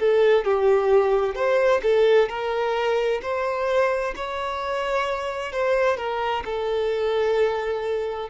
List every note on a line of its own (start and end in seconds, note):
0.00 0.45 A4
0.45 1.35 G4
1.35 1.81 C5
1.83 2.29 A4
2.29 3.21 A#4
3.22 4.15 C5
4.16 5.53 C#5
5.53 5.97 C5
5.97 6.43 A#4
6.45 8.30 A4